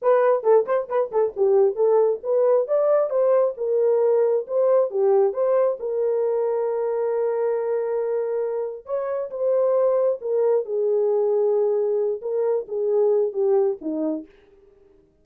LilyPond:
\new Staff \with { instrumentName = "horn" } { \time 4/4 \tempo 4 = 135 b'4 a'8 c''8 b'8 a'8 g'4 | a'4 b'4 d''4 c''4 | ais'2 c''4 g'4 | c''4 ais'2.~ |
ais'1 | cis''4 c''2 ais'4 | gis'2.~ gis'8 ais'8~ | ais'8 gis'4. g'4 dis'4 | }